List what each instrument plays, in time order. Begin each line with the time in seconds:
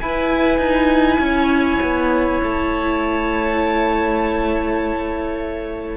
0.00 viola E4, cello E4, violin B4 G#5
0.58 cello D#4
1.19 cello C#4, violin C#5
1.82 cello B3
2.43 cello A3, violin A5